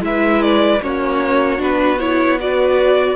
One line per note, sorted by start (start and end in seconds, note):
0.00 0.80 G#3
0.00 0.79 E4
0.00 0.84 B4
0.00 0.42 E5
0.42 0.81 D5
0.81 1.59 A#3
0.81 1.57 C#4
0.81 2.41 F#4
0.81 1.61 C#5
1.57 3.16 B3
1.57 1.97 D4
1.57 1.99 B4
1.99 2.39 E4
1.99 2.38 C#5
2.39 3.16 F#4
2.39 3.16 B4
2.39 3.16 D5